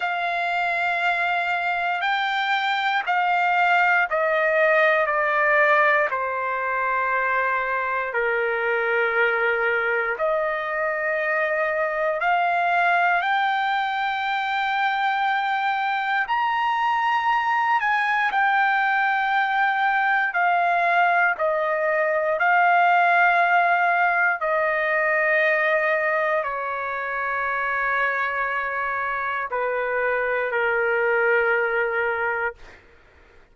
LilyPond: \new Staff \with { instrumentName = "trumpet" } { \time 4/4 \tempo 4 = 59 f''2 g''4 f''4 | dis''4 d''4 c''2 | ais'2 dis''2 | f''4 g''2. |
ais''4. gis''8 g''2 | f''4 dis''4 f''2 | dis''2 cis''2~ | cis''4 b'4 ais'2 | }